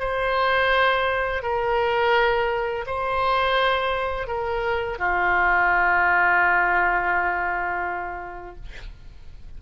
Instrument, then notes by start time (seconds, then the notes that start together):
oboe
0.00 C5
1.43 A#4
2.87 C5
4.28 A#4
4.99 F4